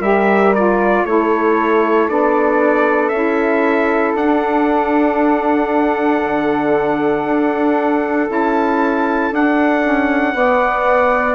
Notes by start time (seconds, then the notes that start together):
0.00 G3 G4 A#4 E5
0.55 F4 D5
1.04 A3 E4 A4 C#5
2.09 B3 D4 D5
3.09 C#4 E4 E5
4.15 D4 F#5
6.23 D3
7.25 D4
8.28 C#4 E4 A5
9.32 D4 F#5
9.84 C#4
10.34 B3 D5